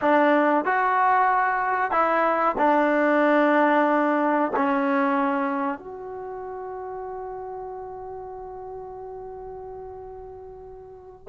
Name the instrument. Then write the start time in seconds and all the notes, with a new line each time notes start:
trombone
0.01 D4
0.64 F#4
1.91 E4
2.58 D4
4.56 C#4
5.78 F#4